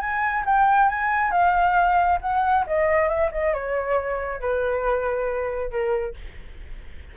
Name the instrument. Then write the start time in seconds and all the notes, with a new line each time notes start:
flute
0.00 G#5
0.45 G5
0.89 G#5
1.31 F5
2.21 F#5
2.66 D#5
3.08 E5
3.31 D#5
3.53 C#5
4.40 B4
5.71 A#4